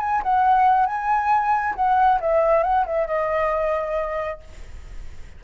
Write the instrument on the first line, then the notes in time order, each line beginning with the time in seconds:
flute
0.00 G#5
0.23 F#5
0.86 G#5
1.76 F#5
2.21 E5
2.64 F#5
2.86 E5
3.07 D#5